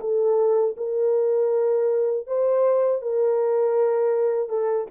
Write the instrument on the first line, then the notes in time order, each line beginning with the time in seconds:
horn
0.00 A4
0.77 A#4
2.27 C5
3.01 A#4
4.49 A4